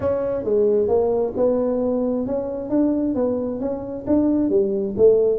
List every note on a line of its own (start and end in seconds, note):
0.00 0.44 C#4
0.44 0.88 G#3
0.88 1.33 A#3
1.36 2.26 B3
2.26 2.69 C#4
2.69 3.14 D4
3.14 3.59 B3
3.60 4.05 C#4
4.06 4.49 D4
4.49 4.94 G3
4.97 5.39 A3